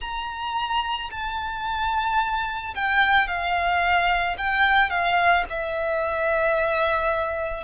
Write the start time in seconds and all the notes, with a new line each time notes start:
0.00 A#5
1.10 A5
2.74 G5
3.27 F5
4.37 G5
4.89 F5
5.49 E5